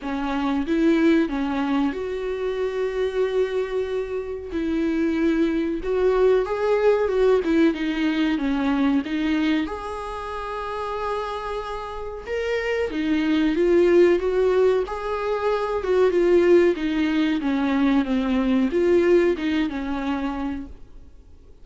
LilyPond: \new Staff \with { instrumentName = "viola" } { \time 4/4 \tempo 4 = 93 cis'4 e'4 cis'4 fis'4~ | fis'2. e'4~ | e'4 fis'4 gis'4 fis'8 e'8 | dis'4 cis'4 dis'4 gis'4~ |
gis'2. ais'4 | dis'4 f'4 fis'4 gis'4~ | gis'8 fis'8 f'4 dis'4 cis'4 | c'4 f'4 dis'8 cis'4. | }